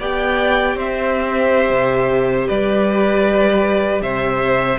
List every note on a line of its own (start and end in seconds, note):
0.00 0.76 B3
0.00 4.79 G4
0.00 0.77 D5
0.00 0.79 G5
0.76 1.71 C4
0.76 2.48 C5
0.76 2.49 E5
1.71 2.47 C3
2.48 4.02 G3
2.48 4.02 B4
2.48 4.03 D5
4.02 4.79 C3
4.02 4.79 C5
4.02 4.79 E5